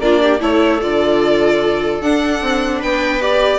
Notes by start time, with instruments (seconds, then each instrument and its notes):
0.00 bassoon A#3, viola D4 F4, violin D5
0.21 viola G4
0.40 bassoon A3, viola E4 A4, violin C#5
0.81 bassoon D3, viola F4, violin D5
2.01 bassoon D4, viola D4, violin F#5
2.41 bassoon C4
2.80 bassoon B3, viola B4, violin G5
3.21 viola G4, violin D5